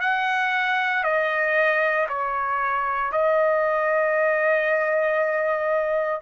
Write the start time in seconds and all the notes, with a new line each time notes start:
0.00 F#5
1.03 D#5
2.09 C#5
3.12 D#5